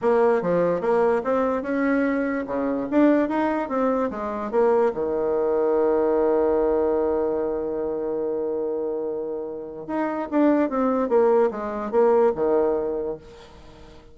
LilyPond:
\new Staff \with { instrumentName = "bassoon" } { \time 4/4 \tempo 4 = 146 ais4 f4 ais4 c'4 | cis'2 cis4 d'4 | dis'4 c'4 gis4 ais4 | dis1~ |
dis1~ | dis1 | dis'4 d'4 c'4 ais4 | gis4 ais4 dis2 | }